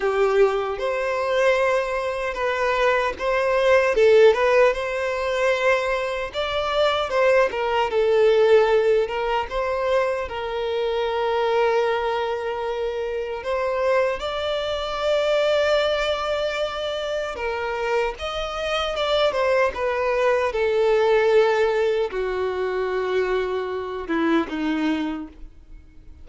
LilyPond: \new Staff \with { instrumentName = "violin" } { \time 4/4 \tempo 4 = 76 g'4 c''2 b'4 | c''4 a'8 b'8 c''2 | d''4 c''8 ais'8 a'4. ais'8 | c''4 ais'2.~ |
ais'4 c''4 d''2~ | d''2 ais'4 dis''4 | d''8 c''8 b'4 a'2 | fis'2~ fis'8 e'8 dis'4 | }